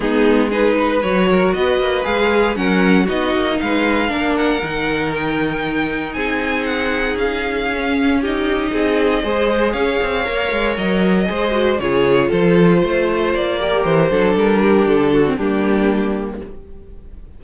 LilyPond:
<<
  \new Staff \with { instrumentName = "violin" } { \time 4/4 \tempo 4 = 117 gis'4 b'4 cis''4 dis''4 | f''4 fis''4 dis''4 f''4~ | f''8 fis''4. g''2 | gis''4 fis''4 f''2 |
dis''2. f''4~ | f''4 dis''2 cis''4 | c''2 d''4 c''4 | ais'4 a'4 g'2 | }
  \new Staff \with { instrumentName = "violin" } { \time 4/4 dis'4 gis'8 b'4 ais'8 b'4~ | b'4 ais'4 fis'4 b'4 | ais'1 | gis'1 |
g'4 gis'4 c''4 cis''4~ | cis''2 c''4 gis'4 | a'4 c''4. ais'4 a'8~ | a'8 g'4 fis'8 d'2 | }
  \new Staff \with { instrumentName = "viola" } { \time 4/4 b4 dis'4 fis'2 | gis'4 cis'4 dis'2 | d'4 dis'2.~ | dis'2. cis'4 |
dis'2 gis'2 | ais'2 gis'8 fis'8 f'4~ | f'2~ f'8 g'4 d'8~ | d'4.~ d'16 c'16 ais2 | }
  \new Staff \with { instrumentName = "cello" } { \time 4/4 gis2 fis4 b8 ais8 | gis4 fis4 b8 ais8 gis4 | ais4 dis2. | c'2 cis'2~ |
cis'4 c'4 gis4 cis'8 c'8 | ais8 gis8 fis4 gis4 cis4 | f4 a4 ais4 e8 fis8 | g4 d4 g2 | }
>>